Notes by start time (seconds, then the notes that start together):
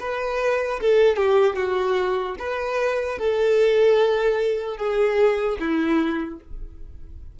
0.00 B4
0.80 A4
1.16 G4
1.56 F#4
2.39 B4
3.19 A4
4.77 G#4
5.60 E4